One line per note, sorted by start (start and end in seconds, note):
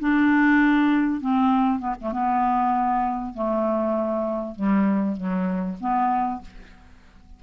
0.00 1.21 D4
1.21 1.79 C4
1.79 1.95 B3
2.01 2.13 A3
2.13 3.34 B3
3.34 4.56 A3
4.56 5.17 G3
5.17 5.78 F#3
5.81 6.42 B3